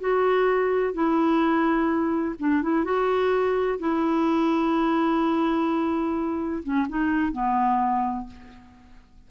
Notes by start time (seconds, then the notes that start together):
0.00 F#4
0.93 E4
2.39 D4
2.62 E4
2.84 F#4
3.79 E4
6.63 C#4
6.88 D#4
7.32 B3